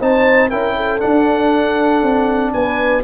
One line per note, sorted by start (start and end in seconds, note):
0.00 0.52 C4
0.00 0.51 D#4
0.00 0.50 C5
0.00 0.51 A5
0.50 1.03 C#4
0.50 1.00 E4
0.50 0.76 A#4
0.50 1.01 G5
0.77 2.54 A4
1.00 3.03 D4
1.00 2.03 D4
1.00 2.53 F#5
2.03 2.54 C4
2.53 3.04 B3
2.53 3.04 B4
2.53 3.04 G#5